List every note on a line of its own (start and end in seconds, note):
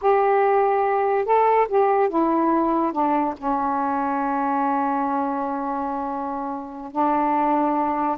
0.01 1.25 G4
1.25 1.67 A4
1.68 2.09 G4
2.09 2.92 E4
2.92 3.34 D4
3.37 6.92 C#4
6.92 8.17 D4